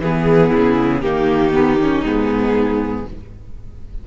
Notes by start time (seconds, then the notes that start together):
0.00 E3 B3 G#4
0.50 C#3 E4
1.01 D#3 A#3 D#4 G4
1.53 B3
1.82 C#4
2.03 G#2 B3 G#4